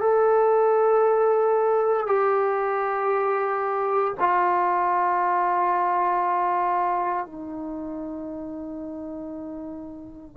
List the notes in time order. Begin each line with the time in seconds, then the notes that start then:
0.00 A4
2.07 G4
4.19 F4
7.26 D#4